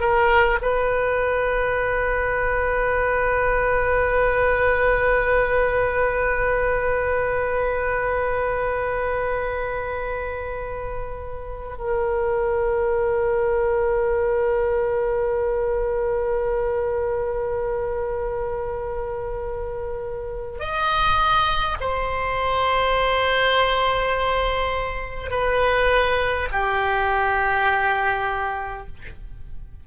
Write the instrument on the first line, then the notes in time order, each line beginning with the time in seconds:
oboe
0.00 A#4
0.61 B4
11.78 A#4
20.59 D#5
21.80 C5
25.30 B4
26.52 G4